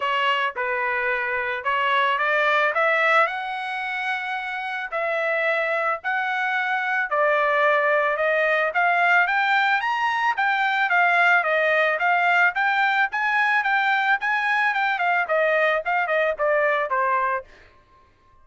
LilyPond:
\new Staff \with { instrumentName = "trumpet" } { \time 4/4 \tempo 4 = 110 cis''4 b'2 cis''4 | d''4 e''4 fis''2~ | fis''4 e''2 fis''4~ | fis''4 d''2 dis''4 |
f''4 g''4 ais''4 g''4 | f''4 dis''4 f''4 g''4 | gis''4 g''4 gis''4 g''8 f''8 | dis''4 f''8 dis''8 d''4 c''4 | }